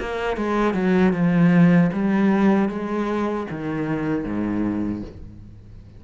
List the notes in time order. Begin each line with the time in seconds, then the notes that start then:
0.00 A#3
0.37 G#3
0.74 F#3
1.13 F3
1.93 G3
2.69 G#3
3.51 D#3
4.24 G#2